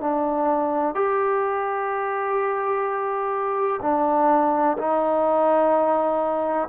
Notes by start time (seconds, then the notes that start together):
0.00 D4
0.94 G4
3.82 D4
4.77 D#4